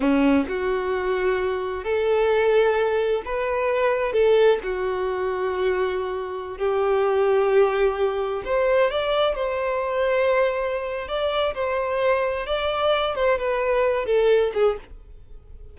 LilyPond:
\new Staff \with { instrumentName = "violin" } { \time 4/4 \tempo 4 = 130 cis'4 fis'2. | a'2. b'4~ | b'4 a'4 fis'2~ | fis'2~ fis'16 g'4.~ g'16~ |
g'2~ g'16 c''4 d''8.~ | d''16 c''2.~ c''8. | d''4 c''2 d''4~ | d''8 c''8 b'4. a'4 gis'8 | }